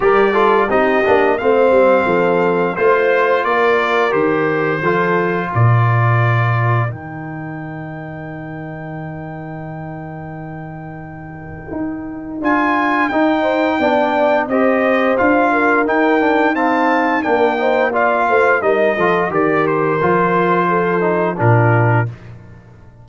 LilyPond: <<
  \new Staff \with { instrumentName = "trumpet" } { \time 4/4 \tempo 4 = 87 d''4 dis''4 f''2 | c''4 d''4 c''2 | d''2 g''2~ | g''1~ |
g''2 gis''4 g''4~ | g''4 dis''4 f''4 g''4 | a''4 g''4 f''4 dis''4 | d''8 c''2~ c''8 ais'4 | }
  \new Staff \with { instrumentName = "horn" } { \time 4/4 ais'8 a'8 g'4 c''4 a'4 | c''4 ais'2 a'4 | ais'1~ | ais'1~ |
ais'2.~ ais'8 c''8 | d''4 c''4. ais'4. | f''4 ais'8 c''8 d''8 c''8 ais'8 a'8 | ais'2 a'4 f'4 | }
  \new Staff \with { instrumentName = "trombone" } { \time 4/4 g'8 f'8 dis'8 d'8 c'2 | f'2 g'4 f'4~ | f'2 dis'2~ | dis'1~ |
dis'2 f'4 dis'4 | d'4 g'4 f'4 dis'8 d'8 | c'4 d'8 dis'8 f'4 dis'8 f'8 | g'4 f'4. dis'8 d'4 | }
  \new Staff \with { instrumentName = "tuba" } { \time 4/4 g4 c'8 ais8 a8 g8 f4 | a4 ais4 dis4 f4 | ais,2 dis2~ | dis1~ |
dis4 dis'4 d'4 dis'4 | b4 c'4 d'4 dis'4~ | dis'4 ais4. a8 g8 f8 | dis4 f2 ais,4 | }
>>